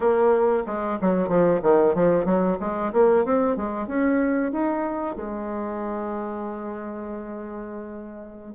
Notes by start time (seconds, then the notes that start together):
0.00 A#3
0.66 G#3
1.01 F#3
1.28 F3
1.62 D#3
1.94 F3
2.25 F#3
2.60 G#3
2.92 A#3
3.25 C4
3.56 G#3
3.87 C#4
4.52 D#4
5.16 G#3